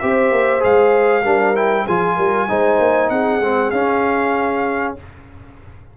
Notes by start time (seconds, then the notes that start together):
0.00 C4 G4 C5 E5
0.31 A#3
0.60 G#3 G#4 F5
1.23 G3 D4 A#4
1.55 E4 G5
1.85 F3 F4 G#4 G#5
2.16 G3 A#4
2.48 G#3 D#4 C5
2.79 A#3
3.09 C4 G#4 F#5
3.40 G#3 C4
3.70 C#4 F5